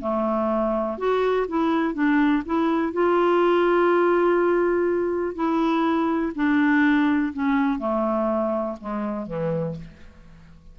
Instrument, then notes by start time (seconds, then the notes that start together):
clarinet
0.00 A3
0.98 F#4
1.48 E4
1.94 D4
2.46 E4
2.92 F4
5.35 E4
6.35 D4
7.33 C#4
7.78 A3
8.80 G#3
9.26 E3